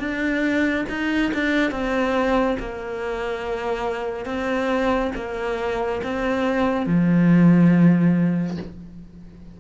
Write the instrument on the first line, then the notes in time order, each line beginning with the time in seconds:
cello
0.00 D4
0.90 D#4
1.34 D4
1.71 C4
2.60 A#3
4.26 C4
5.16 A#3
6.04 C4
6.86 F3